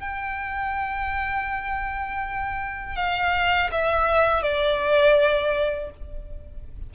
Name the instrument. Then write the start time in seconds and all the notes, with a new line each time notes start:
violin
0.00 G5
2.97 F5
3.72 E5
4.43 D5